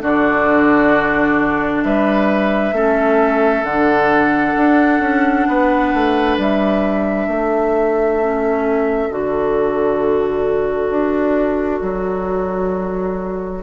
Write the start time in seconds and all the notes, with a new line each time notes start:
0.00 D3 D4 F#4 D5
1.83 G3 B4 E5
2.72 A3 C#4 A4
3.63 D3 D4 F#5
4.56 D4
5.00 C#4
5.48 B3 B4
5.94 A3
6.38 G3 E5
7.27 A3 A4
8.21 C#4
9.10 D3 F#4 D5
10.90 D4
11.82 F#3